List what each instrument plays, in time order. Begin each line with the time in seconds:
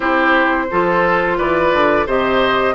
0.00 bassoon C4, clarinet E4, oboe G4, flute C5
0.71 bassoon F3, clarinet F4, oboe A4
1.37 bassoon E3, oboe B4, flute D5
1.73 bassoon D3
2.06 bassoon C3, clarinet G4, oboe C5, flute D#5